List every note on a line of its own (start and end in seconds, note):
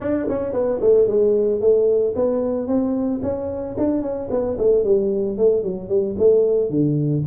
0.00 0.27 D4
0.28 0.52 C#4
0.52 0.79 B3
0.80 1.07 A3
1.07 1.60 G#3
1.60 2.14 A3
2.15 2.67 B3
2.67 3.20 C4
3.22 3.76 C#4
3.77 4.02 D4
4.02 4.29 C#4
4.30 4.57 B3
4.58 4.84 A3
4.84 5.37 G3
5.37 5.62 A3
5.62 5.88 F#3
5.88 6.15 G3
6.18 6.69 A3
6.69 7.23 D3